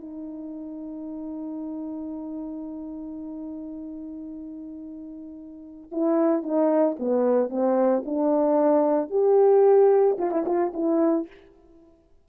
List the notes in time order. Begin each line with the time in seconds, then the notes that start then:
0.00 D#4
5.91 E4
6.43 D#4
6.99 B3
7.50 C4
8.05 D4
9.10 G4
10.18 F4
10.31 E4
10.45 F4
10.73 E4